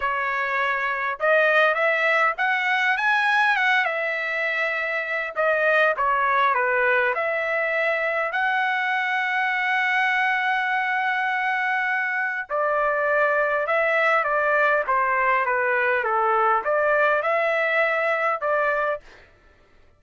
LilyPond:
\new Staff \with { instrumentName = "trumpet" } { \time 4/4 \tempo 4 = 101 cis''2 dis''4 e''4 | fis''4 gis''4 fis''8 e''4.~ | e''4 dis''4 cis''4 b'4 | e''2 fis''2~ |
fis''1~ | fis''4 d''2 e''4 | d''4 c''4 b'4 a'4 | d''4 e''2 d''4 | }